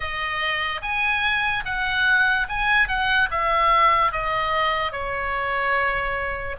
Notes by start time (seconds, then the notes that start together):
0.00 D#5
0.81 G#5
1.65 F#5
2.48 G#5
2.88 F#5
3.31 E5
4.12 D#5
4.92 C#5